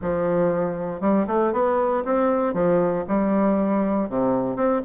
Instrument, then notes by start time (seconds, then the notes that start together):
bassoon
0.01 F3
1.00 G3
1.27 A3
1.53 B3
2.05 C4
2.53 F3
3.08 G3
4.09 C3
4.56 C4